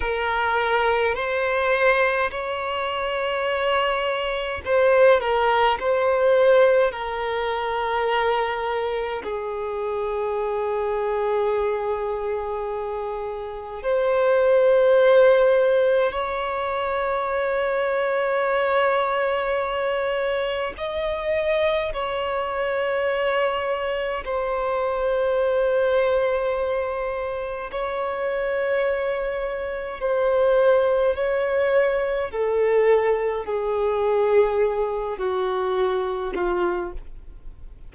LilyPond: \new Staff \with { instrumentName = "violin" } { \time 4/4 \tempo 4 = 52 ais'4 c''4 cis''2 | c''8 ais'8 c''4 ais'2 | gis'1 | c''2 cis''2~ |
cis''2 dis''4 cis''4~ | cis''4 c''2. | cis''2 c''4 cis''4 | a'4 gis'4. fis'4 f'8 | }